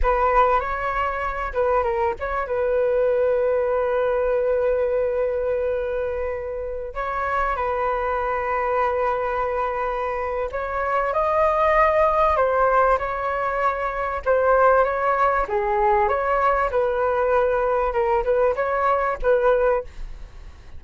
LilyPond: \new Staff \with { instrumentName = "flute" } { \time 4/4 \tempo 4 = 97 b'4 cis''4. b'8 ais'8 cis''8 | b'1~ | b'2.~ b'16 cis''8.~ | cis''16 b'2.~ b'8.~ |
b'4 cis''4 dis''2 | c''4 cis''2 c''4 | cis''4 gis'4 cis''4 b'4~ | b'4 ais'8 b'8 cis''4 b'4 | }